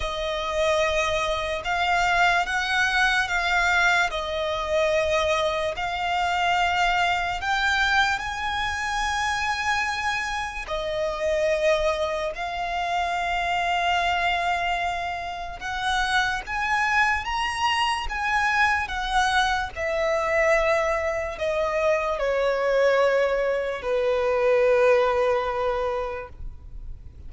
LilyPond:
\new Staff \with { instrumentName = "violin" } { \time 4/4 \tempo 4 = 73 dis''2 f''4 fis''4 | f''4 dis''2 f''4~ | f''4 g''4 gis''2~ | gis''4 dis''2 f''4~ |
f''2. fis''4 | gis''4 ais''4 gis''4 fis''4 | e''2 dis''4 cis''4~ | cis''4 b'2. | }